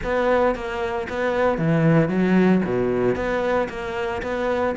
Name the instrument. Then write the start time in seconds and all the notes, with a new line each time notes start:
cello
0.03 B3
0.55 A#3
1.09 B3
1.58 E3
2.08 F#3
2.65 B2
3.15 B3
3.69 A#3
4.22 B3